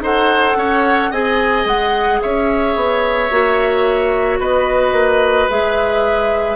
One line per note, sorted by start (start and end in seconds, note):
0.00 0.55 D#4
0.00 1.12 A4
0.00 0.57 C5
0.00 1.12 F#5
0.56 1.11 C#4
0.56 1.10 C#5
1.10 1.65 C4
1.10 3.31 G#4
1.10 2.20 D#5
1.10 1.67 G#5
1.65 2.19 G#3
1.65 2.21 F#5
2.22 2.75 C#4
2.22 4.39 C#5
2.22 4.40 E5
2.75 3.30 B3
3.31 4.40 A#3
3.31 5.49 F#4
4.39 4.92 B3
4.39 6.56 B4
4.39 5.50 D#5
4.92 5.47 A#3
5.49 6.56 G#3
5.49 6.56 G#4
5.49 6.56 E5